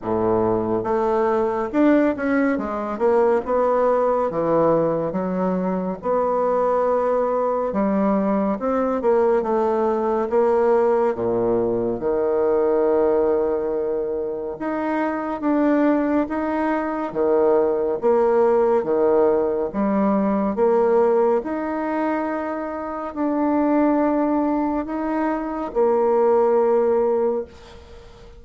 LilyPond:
\new Staff \with { instrumentName = "bassoon" } { \time 4/4 \tempo 4 = 70 a,4 a4 d'8 cis'8 gis8 ais8 | b4 e4 fis4 b4~ | b4 g4 c'8 ais8 a4 | ais4 ais,4 dis2~ |
dis4 dis'4 d'4 dis'4 | dis4 ais4 dis4 g4 | ais4 dis'2 d'4~ | d'4 dis'4 ais2 | }